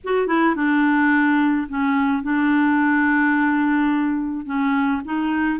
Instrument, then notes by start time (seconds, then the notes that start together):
clarinet
0.04 F#4
0.27 E4
0.55 D4
1.68 C#4
2.22 D4
4.45 C#4
5.05 D#4